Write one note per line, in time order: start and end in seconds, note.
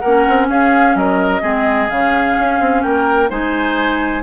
0.00 0.28 A#3
0.00 0.48 A#4
0.00 0.47 F#5
0.07 1.42 C#4
0.28 0.50 C4
0.50 0.96 C#4
0.50 0.97 G#4
0.50 0.97 F5
0.96 1.42 F#3
0.96 1.42 A#4
0.96 1.90 D#5
1.42 1.90 G#3
1.42 1.89 C4
1.42 2.83 G#4
1.90 2.38 C#3
1.90 3.30 C#4
1.90 2.83 F5
2.39 2.60 C#4
2.60 2.84 C4
2.83 3.31 A#3
2.83 3.30 A#4
2.83 3.29 G5
3.30 4.23 G#3
3.30 4.23 D#4
3.30 4.23 C5
3.30 4.23 G#5